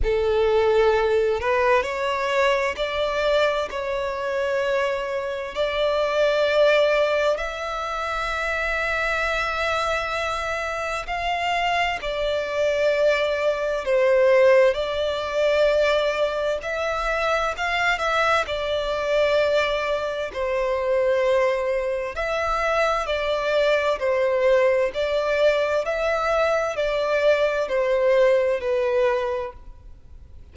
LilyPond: \new Staff \with { instrumentName = "violin" } { \time 4/4 \tempo 4 = 65 a'4. b'8 cis''4 d''4 | cis''2 d''2 | e''1 | f''4 d''2 c''4 |
d''2 e''4 f''8 e''8 | d''2 c''2 | e''4 d''4 c''4 d''4 | e''4 d''4 c''4 b'4 | }